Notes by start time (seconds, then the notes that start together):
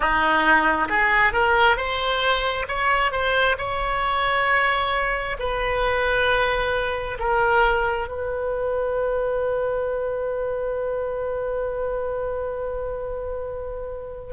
0.00 D#4
0.88 G#4
1.32 A#4
1.77 C5
2.67 C#5
3.11 C5
3.57 C#5
5.39 B4
7.19 A#4
8.08 B4